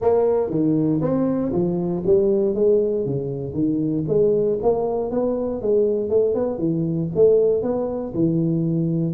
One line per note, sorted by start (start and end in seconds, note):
0.01 0.50 A#3
0.50 1.01 D#3
1.01 1.52 C4
1.52 2.03 F3
2.05 2.54 G3
2.54 3.05 G#3
3.05 3.53 C#3
3.53 4.04 D#3
4.08 4.59 G#3
4.62 5.10 A#3
5.10 5.61 B3
5.61 6.09 G#3
6.09 6.34 A3
6.34 6.58 B3
6.58 7.09 E3
7.15 7.62 A3
7.62 8.13 B3
8.14 9.14 E3